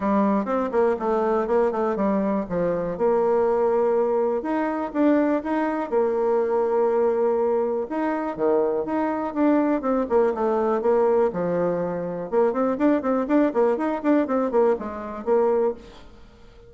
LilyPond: \new Staff \with { instrumentName = "bassoon" } { \time 4/4 \tempo 4 = 122 g4 c'8 ais8 a4 ais8 a8 | g4 f4 ais2~ | ais4 dis'4 d'4 dis'4 | ais1 |
dis'4 dis4 dis'4 d'4 | c'8 ais8 a4 ais4 f4~ | f4 ais8 c'8 d'8 c'8 d'8 ais8 | dis'8 d'8 c'8 ais8 gis4 ais4 | }